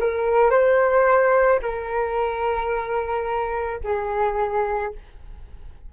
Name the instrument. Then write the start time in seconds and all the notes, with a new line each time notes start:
flute
0.00 A#4
0.51 C5
1.62 A#4
3.83 G#4